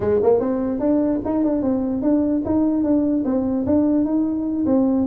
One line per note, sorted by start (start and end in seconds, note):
0.00 0.20 G#3
0.22 0.40 A#3
0.40 0.79 C4
0.79 1.20 D4
1.24 1.44 D#4
1.44 1.62 D4
1.62 2.02 C4
2.02 2.42 D4
2.45 2.83 D#4
2.83 3.24 D4
3.24 3.65 C4
3.65 4.04 D4
4.04 4.65 D#4
4.66 5.06 C4